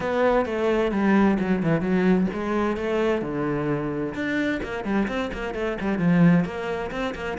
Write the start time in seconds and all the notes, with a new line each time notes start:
0.00 B3
0.45 A3
0.91 G3
1.39 F#3
1.62 E3
1.80 F#3
2.33 G#3
2.76 A3
3.21 D3
4.14 D4
4.63 A#3
4.84 G3
5.07 C4
5.33 A#3
5.54 A3
5.80 G3
5.98 F3
6.44 A#3
6.91 C4
7.14 A#3